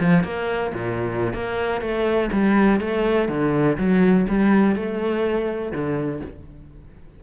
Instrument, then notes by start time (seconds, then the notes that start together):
cello
0.00 F3
0.24 A#3
0.74 A#2
1.34 A#3
1.81 A3
2.32 G3
2.80 A3
3.29 D3
3.78 F#3
4.29 G3
4.76 A3
5.72 D3